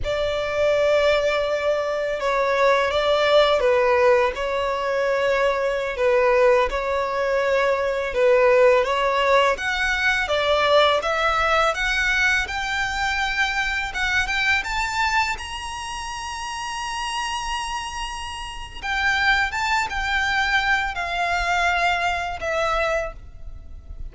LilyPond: \new Staff \with { instrumentName = "violin" } { \time 4/4 \tempo 4 = 83 d''2. cis''4 | d''4 b'4 cis''2~ | cis''16 b'4 cis''2 b'8.~ | b'16 cis''4 fis''4 d''4 e''8.~ |
e''16 fis''4 g''2 fis''8 g''16~ | g''16 a''4 ais''2~ ais''8.~ | ais''2 g''4 a''8 g''8~ | g''4 f''2 e''4 | }